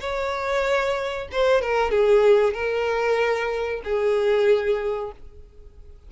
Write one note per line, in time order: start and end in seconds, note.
0.00 1.28 C#5
1.31 1.61 C5
1.61 1.90 A#4
1.90 2.54 G#4
2.54 3.81 A#4
3.84 5.12 G#4